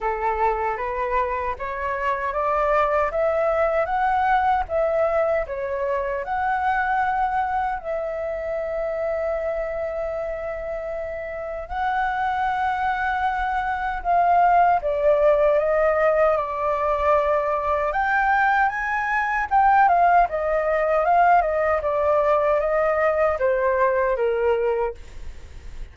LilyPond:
\new Staff \with { instrumentName = "flute" } { \time 4/4 \tempo 4 = 77 a'4 b'4 cis''4 d''4 | e''4 fis''4 e''4 cis''4 | fis''2 e''2~ | e''2. fis''4~ |
fis''2 f''4 d''4 | dis''4 d''2 g''4 | gis''4 g''8 f''8 dis''4 f''8 dis''8 | d''4 dis''4 c''4 ais'4 | }